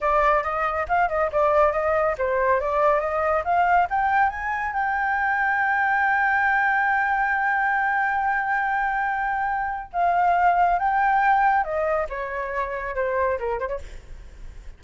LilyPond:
\new Staff \with { instrumentName = "flute" } { \time 4/4 \tempo 4 = 139 d''4 dis''4 f''8 dis''8 d''4 | dis''4 c''4 d''4 dis''4 | f''4 g''4 gis''4 g''4~ | g''1~ |
g''1~ | g''2. f''4~ | f''4 g''2 dis''4 | cis''2 c''4 ais'8 c''16 cis''16 | }